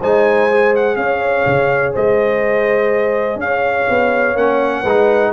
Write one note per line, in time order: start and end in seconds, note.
0.00 0.97 G#3
0.00 0.51 D#4
0.00 0.97 C5
0.00 0.75 G#5
0.51 4.36 G#4
0.76 0.96 F#5
0.96 1.45 C#4
0.96 1.94 C#5
0.96 1.93 F5
1.46 1.95 C#3
1.94 3.36 G#3
1.94 3.39 C5
1.94 3.40 D#5
3.36 3.84 C#4
3.36 4.37 F5
3.43 4.82 C#5
3.89 4.35 B3
4.35 4.83 A#3
4.35 4.85 C#4
4.35 5.33 F#5
4.82 5.33 G#3
4.82 5.30 B4
4.89 5.33 D#4